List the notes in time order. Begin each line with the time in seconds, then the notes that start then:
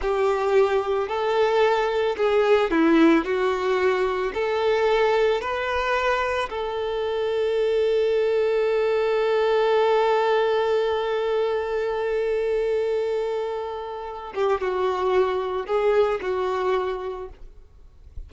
0.01 G4
1.07 A4
2.16 G#4
2.70 E4
3.24 F#4
4.33 A4
5.41 B4
6.49 A4
14.35 G4
14.60 F#4
15.66 G#4
16.21 F#4